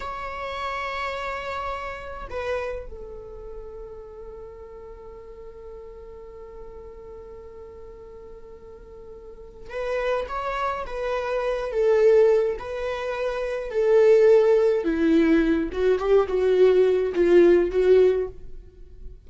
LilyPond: \new Staff \with { instrumentName = "viola" } { \time 4/4 \tempo 4 = 105 cis''1 | b'4 a'2.~ | a'1~ | a'1~ |
a'4 b'4 cis''4 b'4~ | b'8 a'4. b'2 | a'2 e'4. fis'8 | g'8 fis'4. f'4 fis'4 | }